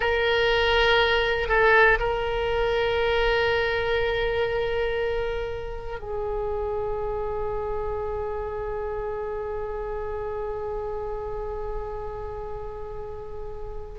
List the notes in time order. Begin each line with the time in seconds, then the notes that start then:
0.00 A#4
1.48 A4
1.99 A#4
6.00 G#4